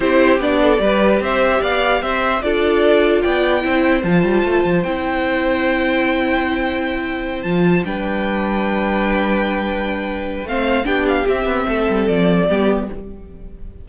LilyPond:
<<
  \new Staff \with { instrumentName = "violin" } { \time 4/4 \tempo 4 = 149 c''4 d''2 e''4 | f''4 e''4 d''2 | g''2 a''2 | g''1~ |
g''2~ g''8 a''4 g''8~ | g''1~ | g''2 f''4 g''8 f''8 | e''2 d''2 | }
  \new Staff \with { instrumentName = "violin" } { \time 4/4 g'4. a'8 b'4 c''4 | d''4 c''4 a'2 | d''4 c''2.~ | c''1~ |
c''2.~ c''8 b'8~ | b'1~ | b'2 c''4 g'4~ | g'4 a'2 g'4 | }
  \new Staff \with { instrumentName = "viola" } { \time 4/4 e'4 d'4 g'2~ | g'2 f'2~ | f'4 e'4 f'2 | e'1~ |
e'2~ e'8 f'4 d'8~ | d'1~ | d'2 c'4 d'4 | c'2. b4 | }
  \new Staff \with { instrumentName = "cello" } { \time 4/4 c'4 b4 g4 c'4 | b4 c'4 d'2 | b4 c'4 f8 g8 a8 f8 | c'1~ |
c'2~ c'8 f4 g8~ | g1~ | g2 a4 b4 | c'8 b8 a8 g8 f4 g4 | }
>>